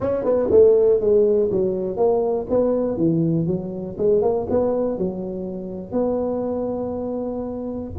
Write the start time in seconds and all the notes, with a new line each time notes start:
0.00 C#4
0.24 B3
0.50 A3
1.00 G#3
1.51 F#3
1.97 A#3
2.49 B3
2.97 E3
3.47 F#3
3.98 G#3
4.22 A#3
4.49 B3
4.98 F#3
5.92 B3